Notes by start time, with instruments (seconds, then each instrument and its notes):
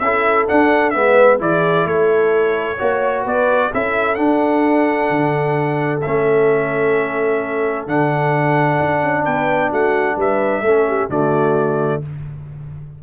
0.00 tuba C#4, trombone E4, horn A4, trumpet E5
0.48 trombone D4, tuba D4, trumpet F#5
0.91 tuba G#3, trombone B3, horn B4, trumpet E5
1.39 tuba E3, trombone E4, horn G#4, trumpet D5
1.86 tuba A3, horn A4, trumpet C#5
2.78 tuba A#3, trombone F#4, horn C#5
3.24 tuba B3, horn B4, trumpet D5
3.74 tuba C#4, trombone E4, horn A4, trumpet E5
4.15 trombone D4, tuba D4, trumpet F#5
5.10 tuba D3
6.02 tuba A3, trombone C#4, trumpet E5
7.87 tuba D3, trombone D4, trumpet F#5
8.80 tuba D4
9.03 tuba C#4
9.24 tuba B3, horn B4, trumpet G5
9.70 tuba A3, horn F#4, trumpet F#5
10.17 tuba G3, horn B4, trumpet E5
10.62 tuba A3, trombone C#4, horn A4
10.88 horn G4
11.09 tuba D3, trombone A3, horn F#4, trumpet D5